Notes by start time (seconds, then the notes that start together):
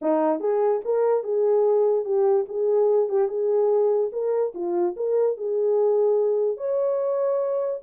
0.01 D#4
0.40 G#4
0.85 A#4
1.23 G#4
2.05 G4
2.48 G#4
3.09 G4
3.28 G#4
4.12 A#4
4.54 F4
4.96 A#4
5.37 G#4
6.57 C#5